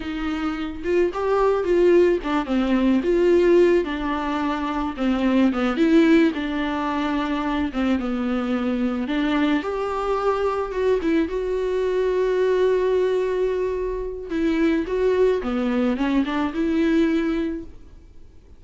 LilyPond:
\new Staff \with { instrumentName = "viola" } { \time 4/4 \tempo 4 = 109 dis'4. f'8 g'4 f'4 | d'8 c'4 f'4. d'4~ | d'4 c'4 b8 e'4 d'8~ | d'2 c'8 b4.~ |
b8 d'4 g'2 fis'8 | e'8 fis'2.~ fis'8~ | fis'2 e'4 fis'4 | b4 cis'8 d'8 e'2 | }